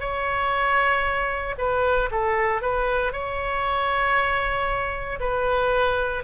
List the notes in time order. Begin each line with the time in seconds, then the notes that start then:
0.00 C#5
1.58 B4
2.11 A4
2.61 B4
3.12 C#5
5.20 B4